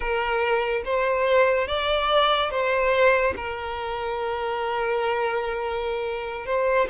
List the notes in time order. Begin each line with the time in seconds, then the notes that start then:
0.00 A#4
0.84 C5
1.67 D5
2.50 C5
3.36 A#4
6.46 C5